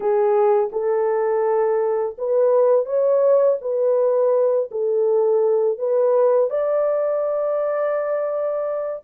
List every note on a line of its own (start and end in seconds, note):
0.00 0.70 G#4
0.72 2.16 A4
2.18 2.85 B4
2.85 3.58 C#5
3.61 4.70 B4
4.71 5.78 A4
5.78 6.50 B4
6.50 9.03 D5